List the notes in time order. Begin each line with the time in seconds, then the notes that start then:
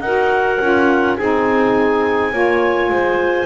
0.00 D#4 F#4 A#4 F#5
0.60 C#4 F4
1.16 C4 D#4 G#4 G#5
2.31 A#3 F4 C#5
2.89 G#3 C5